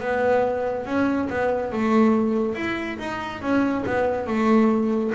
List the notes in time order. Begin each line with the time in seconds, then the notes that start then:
0.00 B3
0.86 C#4
1.29 B3
1.72 A3
2.55 E4
2.99 D#4
3.41 C#4
3.86 B3
4.27 A3